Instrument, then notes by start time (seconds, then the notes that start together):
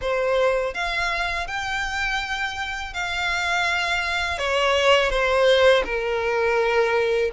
violin
0.01 C5
0.74 F5
1.47 G5
2.93 F5
4.38 C#5
5.10 C5
5.84 A#4